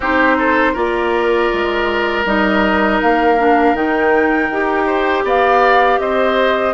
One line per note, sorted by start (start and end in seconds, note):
0.00 0.75 C4
0.00 0.75 D#4
0.00 0.37 G4
0.00 0.75 C5
0.38 0.73 A4
0.73 1.50 A#3
0.73 2.25 F4
0.73 4.85 A#4
0.73 2.25 D5
1.53 2.25 G#3
2.25 3.00 G3
2.25 3.38 D#4
2.25 3.00 D#5
3.01 3.73 A#3
3.01 3.75 F5
3.38 3.75 D4
3.73 4.48 D#3
3.73 4.50 D#4
3.73 5.25 G5
4.50 5.23 D#4
4.50 6.74 G4
4.86 5.24 C5
5.23 5.98 B3
5.23 6.00 D5
5.23 5.99 F5
5.99 6.74 C4
5.99 6.74 C5
5.99 6.74 D#5